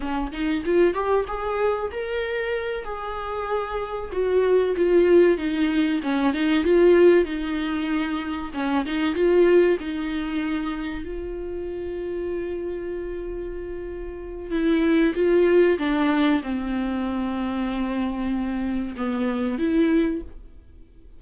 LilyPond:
\new Staff \with { instrumentName = "viola" } { \time 4/4 \tempo 4 = 95 cis'8 dis'8 f'8 g'8 gis'4 ais'4~ | ais'8 gis'2 fis'4 f'8~ | f'8 dis'4 cis'8 dis'8 f'4 dis'8~ | dis'4. cis'8 dis'8 f'4 dis'8~ |
dis'4. f'2~ f'8~ | f'2. e'4 | f'4 d'4 c'2~ | c'2 b4 e'4 | }